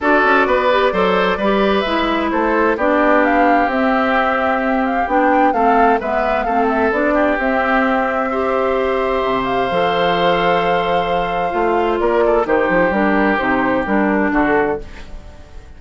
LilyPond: <<
  \new Staff \with { instrumentName = "flute" } { \time 4/4 \tempo 4 = 130 d''1 | e''4 c''4 d''4 f''4 | e''2~ e''8 f''8 g''4 | f''4 e''4 f''8 e''8 d''4 |
e''1~ | e''8 f''2.~ f''8~ | f''2 d''4 c''4 | ais'4 c''4 ais'4 a'4 | }
  \new Staff \with { instrumentName = "oboe" } { \time 4/4 a'4 b'4 c''4 b'4~ | b'4 a'4 g'2~ | g'1 | a'4 b'4 a'4. g'8~ |
g'2 c''2~ | c''1~ | c''2 ais'8 a'8 g'4~ | g'2. fis'4 | }
  \new Staff \with { instrumentName = "clarinet" } { \time 4/4 fis'4. g'8 a'4 g'4 | e'2 d'2 | c'2. d'4 | c'4 b4 c'4 d'4 |
c'2 g'2~ | g'4 a'2.~ | a'4 f'2 dis'4 | d'4 dis'4 d'2 | }
  \new Staff \with { instrumentName = "bassoon" } { \time 4/4 d'8 cis'8 b4 fis4 g4 | gis4 a4 b2 | c'2. b4 | a4 gis4 a4 b4 |
c'1 | c4 f2.~ | f4 a4 ais4 dis8 f8 | g4 c4 g4 d4 | }
>>